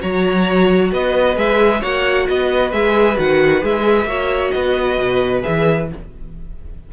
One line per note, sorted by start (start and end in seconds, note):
0.00 0.92 F#3
0.00 1.35 F#4
0.00 0.91 C#5
0.00 0.91 A#5
0.92 1.37 B3
0.92 1.80 B4
0.92 1.38 D#5
1.35 1.82 G#3
1.35 1.80 G#4
1.35 1.82 E5
1.80 2.28 A#3
1.80 2.72 F#4
1.80 2.25 C#5
1.80 2.28 F#5
2.28 2.72 B3
2.28 4.08 B4
2.28 2.72 D#5
2.72 3.17 G#3
2.72 3.16 G#4
2.72 3.17 E5
3.16 3.63 D#3
3.16 3.61 F#4
3.16 3.64 F#5
3.61 4.05 G#3
3.61 4.06 G#4
3.61 4.51 E5
4.05 4.50 A#3
4.05 5.42 F#4
4.05 4.53 C#5
4.51 4.98 B3
4.51 5.91 B4
4.51 5.41 D#5
4.98 5.43 B2
5.42 5.87 G#4
5.42 5.88 E5
5.48 5.93 E3